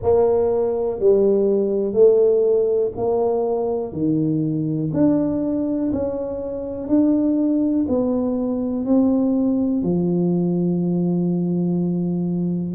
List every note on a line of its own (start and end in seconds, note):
0.02 0.99 A#3
0.99 1.93 G3
1.93 2.91 A3
2.96 3.92 A#3
3.92 4.90 D#3
4.93 5.91 D4
5.92 6.87 C#4
6.87 7.86 D4
7.88 8.85 B3
8.85 9.82 C4
9.82 12.74 F3